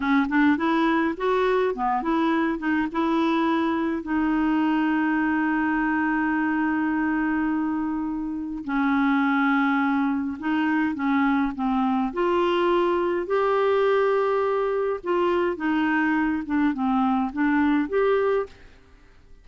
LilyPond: \new Staff \with { instrumentName = "clarinet" } { \time 4/4 \tempo 4 = 104 cis'8 d'8 e'4 fis'4 b8 e'8~ | e'8 dis'8 e'2 dis'4~ | dis'1~ | dis'2. cis'4~ |
cis'2 dis'4 cis'4 | c'4 f'2 g'4~ | g'2 f'4 dis'4~ | dis'8 d'8 c'4 d'4 g'4 | }